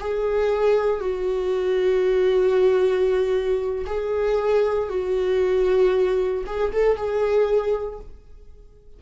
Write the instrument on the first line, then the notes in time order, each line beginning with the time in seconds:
viola
0.00 G#4
1.01 F#4
3.86 G#4
4.89 F#4
6.46 G#4
6.72 A4
6.96 G#4